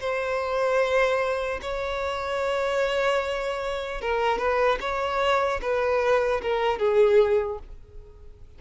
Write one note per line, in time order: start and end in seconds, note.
0.00 1.60 C5
1.62 4.01 C#5
4.01 4.38 A#4
4.38 4.78 B4
4.80 5.60 C#5
5.61 6.41 B4
6.42 6.79 A#4
6.79 7.59 G#4